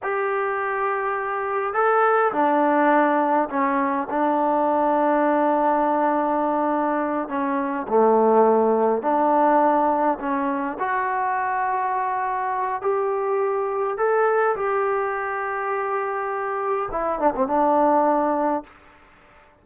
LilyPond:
\new Staff \with { instrumentName = "trombone" } { \time 4/4 \tempo 4 = 103 g'2. a'4 | d'2 cis'4 d'4~ | d'1~ | d'8 cis'4 a2 d'8~ |
d'4. cis'4 fis'4.~ | fis'2 g'2 | a'4 g'2.~ | g'4 e'8 d'16 c'16 d'2 | }